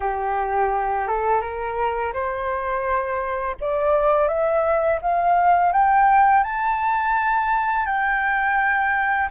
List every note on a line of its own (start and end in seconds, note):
0.00 1.07 G4
1.07 1.41 A4
1.41 2.12 A#4
2.13 3.56 C5
3.60 4.28 D5
4.28 4.99 E5
5.01 5.72 F5
5.72 6.43 G5
6.43 7.85 A5
7.85 9.28 G5